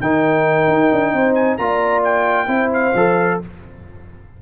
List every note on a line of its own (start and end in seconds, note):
0.00 0.67 D#3
0.00 1.59 D#4
0.00 1.14 A#4
0.00 1.34 G5
0.67 0.90 D#4
0.92 1.13 D4
1.13 1.58 C4
1.13 1.59 C5
1.34 1.57 G#5
1.57 2.47 A#3
1.57 2.47 F4
1.57 2.48 D5
1.57 2.03 A#5
2.04 2.72 G5
2.47 2.93 C4
2.47 2.92 E4
2.47 3.38 C5
2.73 3.41 F5
2.94 3.39 F3
2.94 3.42 A4